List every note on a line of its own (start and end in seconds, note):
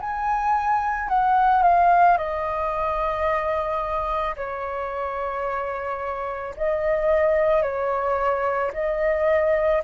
0.00 1.08 G#5
1.08 1.62 F#5
1.62 2.17 F5
2.17 4.35 D#5
4.36 6.54 C#5
6.57 7.62 D#5
7.62 8.71 C#5
8.73 9.82 D#5